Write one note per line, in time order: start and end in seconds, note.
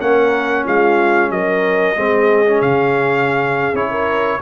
0.00 0.65 A#3
0.00 1.96 C#4
0.00 0.65 A#4
0.00 0.66 F#5
0.65 1.30 G#3
0.65 1.30 F4
0.65 1.31 F5
1.30 1.95 F#3
1.30 1.97 A#4
1.30 2.61 D#5
1.96 2.62 G#3
1.96 2.45 C4
1.96 3.90 G#4
2.46 3.74 C#4
2.61 3.73 C#3
2.61 3.75 F5
3.73 4.38 C#4
3.73 4.40 E4
3.73 4.41 C#5
3.90 4.38 A#4